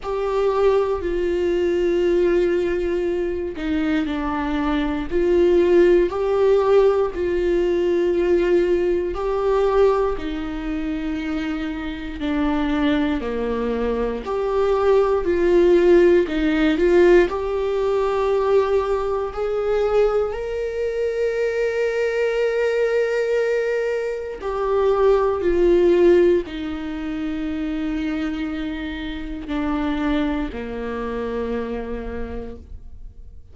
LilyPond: \new Staff \with { instrumentName = "viola" } { \time 4/4 \tempo 4 = 59 g'4 f'2~ f'8 dis'8 | d'4 f'4 g'4 f'4~ | f'4 g'4 dis'2 | d'4 ais4 g'4 f'4 |
dis'8 f'8 g'2 gis'4 | ais'1 | g'4 f'4 dis'2~ | dis'4 d'4 ais2 | }